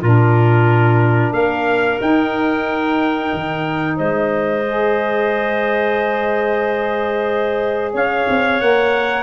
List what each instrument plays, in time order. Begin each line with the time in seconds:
0.00 tuba A#2, saxophone D4, clarinet F4, trumpet A#4
1.32 tuba A#3, clarinet A#4, trumpet F5
2.00 saxophone D#4, tuba D#4, trumpet G5
3.33 tuba D#3
3.96 tuba G#3, clarinet C5, trumpet D#5
4.67 saxophone G#4
7.93 tuba C#4, clarinet C#5, trumpet F5
8.29 tuba C4
8.61 tuba A#3, saxophone A#4, trumpet F#5